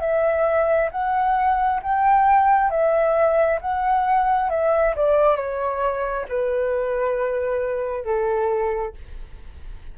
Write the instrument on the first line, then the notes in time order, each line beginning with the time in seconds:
flute
0.00 E5
0.91 F#5
1.83 G5
2.70 E5
3.61 F#5
4.50 E5
4.96 D5
5.36 C#5
6.28 B4
8.05 A4